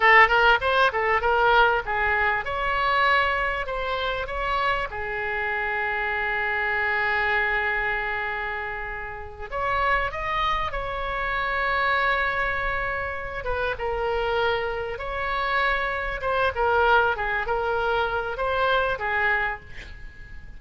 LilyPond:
\new Staff \with { instrumentName = "oboe" } { \time 4/4 \tempo 4 = 98 a'8 ais'8 c''8 a'8 ais'4 gis'4 | cis''2 c''4 cis''4 | gis'1~ | gis'2.~ gis'8 cis''8~ |
cis''8 dis''4 cis''2~ cis''8~ | cis''2 b'8 ais'4.~ | ais'8 cis''2 c''8 ais'4 | gis'8 ais'4. c''4 gis'4 | }